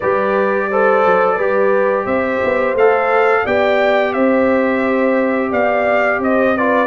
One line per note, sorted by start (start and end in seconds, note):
0.00 1.05 G3
0.00 0.71 G4
0.00 0.69 B4
0.00 2.05 D5
0.70 1.39 A4
0.70 1.35 C5
1.05 1.38 F#3
1.35 2.06 G3
1.35 2.77 G4
1.35 2.04 B4
2.04 2.40 C4
2.04 3.42 C5
2.04 2.75 E5
2.44 2.74 B3
2.74 3.43 A3
2.74 3.46 A4
2.74 3.46 F5
3.44 4.15 B3
3.44 6.56 G4
3.44 4.13 D5
3.44 4.13 G5
4.13 5.52 C4
4.13 5.50 C5
4.13 5.51 E5
5.50 6.19 B3
5.50 6.19 D5
5.50 6.21 F5
6.19 6.86 C4
6.19 6.56 C5
6.19 6.57 D#5
6.56 6.86 F4
6.56 6.86 B4
6.56 6.86 D5